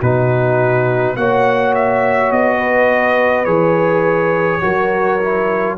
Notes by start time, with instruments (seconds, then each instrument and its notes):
0.00 tuba B2, trombone D#4, horn F#4, trumpet B4
1.16 tuba A#3, trombone F#4, horn C#5, trumpet F#5
1.75 trumpet E5
2.31 tuba B3, trumpet D#5
2.58 horn B4
3.45 tuba E3, trombone G#4, trumpet C#5
4.62 tuba F#3, trombone F#4, horn A#4
5.20 trombone E4